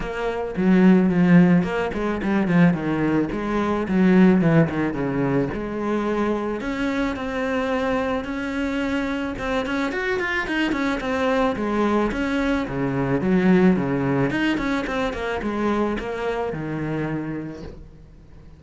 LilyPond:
\new Staff \with { instrumentName = "cello" } { \time 4/4 \tempo 4 = 109 ais4 fis4 f4 ais8 gis8 | g8 f8 dis4 gis4 fis4 | e8 dis8 cis4 gis2 | cis'4 c'2 cis'4~ |
cis'4 c'8 cis'8 fis'8 f'8 dis'8 cis'8 | c'4 gis4 cis'4 cis4 | fis4 cis4 dis'8 cis'8 c'8 ais8 | gis4 ais4 dis2 | }